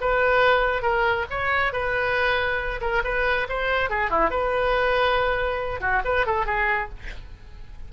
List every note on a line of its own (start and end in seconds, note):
0.00 0.82 B4
0.82 1.25 A#4
1.30 1.72 C#5
1.72 2.80 B4
2.81 3.02 A#4
3.04 3.47 B4
3.49 3.89 C5
3.89 4.10 G#4
4.10 4.30 E4
4.30 5.80 B4
5.80 6.02 F#4
6.04 6.26 B4
6.26 6.45 A4
6.45 6.88 G#4